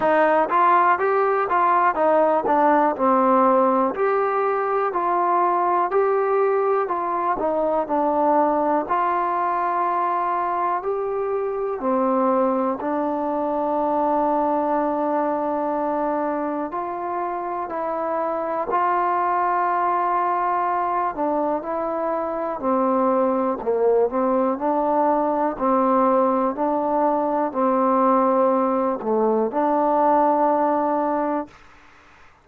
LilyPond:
\new Staff \with { instrumentName = "trombone" } { \time 4/4 \tempo 4 = 61 dis'8 f'8 g'8 f'8 dis'8 d'8 c'4 | g'4 f'4 g'4 f'8 dis'8 | d'4 f'2 g'4 | c'4 d'2.~ |
d'4 f'4 e'4 f'4~ | f'4. d'8 e'4 c'4 | ais8 c'8 d'4 c'4 d'4 | c'4. a8 d'2 | }